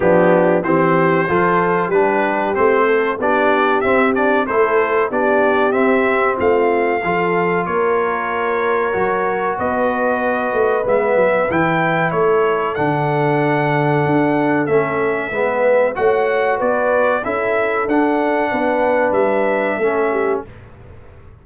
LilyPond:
<<
  \new Staff \with { instrumentName = "trumpet" } { \time 4/4 \tempo 4 = 94 g'4 c''2 b'4 | c''4 d''4 e''8 d''8 c''4 | d''4 e''4 f''2 | cis''2. dis''4~ |
dis''4 e''4 g''4 cis''4 | fis''2. e''4~ | e''4 fis''4 d''4 e''4 | fis''2 e''2 | }
  \new Staff \with { instrumentName = "horn" } { \time 4/4 d'4 g'4 a'4 g'4~ | g'8 a'8 g'2 a'4 | g'2 f'4 a'4 | ais'2. b'4~ |
b'2. a'4~ | a'1 | b'4 cis''4 b'4 a'4~ | a'4 b'2 a'8 g'8 | }
  \new Staff \with { instrumentName = "trombone" } { \time 4/4 b4 c'4 f'4 d'4 | c'4 d'4 c'8 d'8 e'4 | d'4 c'2 f'4~ | f'2 fis'2~ |
fis'4 b4 e'2 | d'2. cis'4 | b4 fis'2 e'4 | d'2. cis'4 | }
  \new Staff \with { instrumentName = "tuba" } { \time 4/4 f4 e4 f4 g4 | a4 b4 c'4 a4 | b4 c'4 a4 f4 | ais2 fis4 b4~ |
b8 a8 gis8 fis8 e4 a4 | d2 d'4 a4 | gis4 a4 b4 cis'4 | d'4 b4 g4 a4 | }
>>